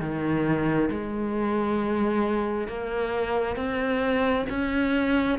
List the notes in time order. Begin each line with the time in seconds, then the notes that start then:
0.00 D#3
0.91 G#3
2.68 A#3
3.56 C4
4.50 C#4